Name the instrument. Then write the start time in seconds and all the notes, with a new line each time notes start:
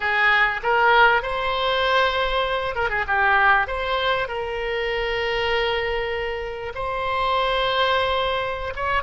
oboe
0.00 G#4
0.62 A#4
1.22 C5
2.75 A#4
2.89 G#4
3.07 G4
3.67 C5
4.27 A#4
6.74 C5
8.75 C#5